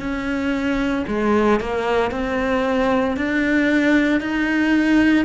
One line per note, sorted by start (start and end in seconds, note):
0.00 1.05 C#4
1.08 1.60 G#3
1.60 2.11 A#3
2.11 3.17 C4
3.17 4.21 D4
4.21 5.25 D#4